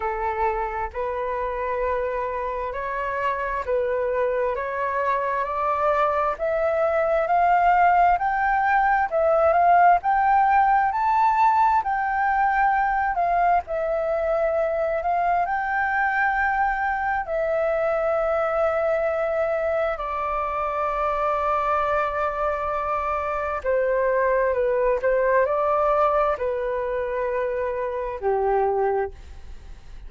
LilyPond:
\new Staff \with { instrumentName = "flute" } { \time 4/4 \tempo 4 = 66 a'4 b'2 cis''4 | b'4 cis''4 d''4 e''4 | f''4 g''4 e''8 f''8 g''4 | a''4 g''4. f''8 e''4~ |
e''8 f''8 g''2 e''4~ | e''2 d''2~ | d''2 c''4 b'8 c''8 | d''4 b'2 g'4 | }